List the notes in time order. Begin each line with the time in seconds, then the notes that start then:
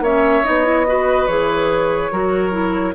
0.00 A#3 C#4 C#5 E5
0.44 B3 D#4 D#5
0.65 E4
0.87 F#4 B4
1.27 E3 G#4 C#5
2.12 F#3 F#4 A#4
2.51 E4